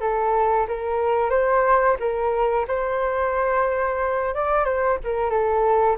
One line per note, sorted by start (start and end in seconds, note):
0.00 0.67 A4
0.68 1.30 A#4
1.30 1.96 C5
1.99 2.66 A#4
2.67 4.34 C5
4.34 4.64 D5
4.64 4.98 C5
5.04 5.30 A#4
5.30 5.96 A4